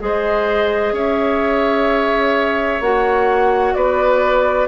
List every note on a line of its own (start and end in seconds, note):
0.00 0.92 G#3
0.00 2.81 G#4
0.00 0.93 C5
0.00 0.95 D#5
0.92 2.79 C#4
0.92 3.74 C#5
0.92 2.82 E5
2.80 3.74 A#3
2.80 4.68 F#4
2.80 3.74 F#5
3.74 4.68 B3
3.74 4.68 B4
3.74 4.67 D5